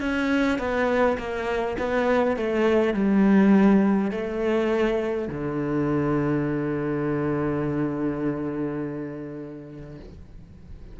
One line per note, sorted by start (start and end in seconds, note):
0.00 0.59 C#4
0.59 1.18 B3
1.18 1.76 A#3
1.78 2.36 B3
2.36 2.94 A3
2.94 4.11 G3
4.11 5.28 A3
5.28 9.98 D3